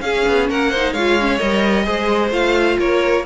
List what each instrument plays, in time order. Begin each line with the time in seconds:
0.00 cello C#4, viola C#4, violin G#4 F5
0.27 cello B3
0.49 cello A#3, violin A#4 F#5
0.70 violin C5
0.76 viola D#4
0.92 cello G#3, viola F4, violin C#5 F5
1.20 viola C#4
1.38 cello G3, viola A#4, violin D#5
1.84 cello G#3, viola G#4, violin C5
2.31 cello A3, viola F4, violin F5
2.78 cello A#3, violin A#4 C#5